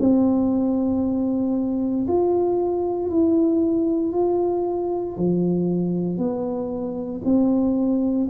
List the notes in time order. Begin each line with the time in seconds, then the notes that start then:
0.00 C4
2.08 F4
3.10 E4
4.12 F4
5.17 F3
6.18 B3
7.25 C4